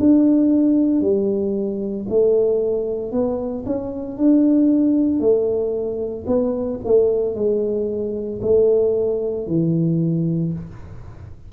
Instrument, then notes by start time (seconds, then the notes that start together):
tuba
0.00 D4
1.01 G3
2.10 A3
3.12 B3
3.66 C#4
4.18 D4
5.20 A3
6.27 B3
6.85 A3
7.35 G#3
8.42 A3
9.47 E3